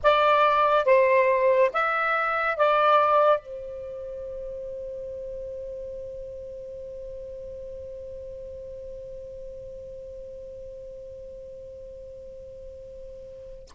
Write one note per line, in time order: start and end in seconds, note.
0.03 0.85 D5
0.85 1.70 C5
1.73 2.56 E5
2.56 3.39 D5
3.39 13.68 C5